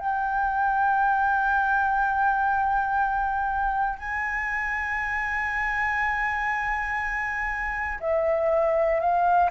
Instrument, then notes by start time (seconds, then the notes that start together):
flute
0.00 G5
3.99 G#5
8.00 E5
9.00 F5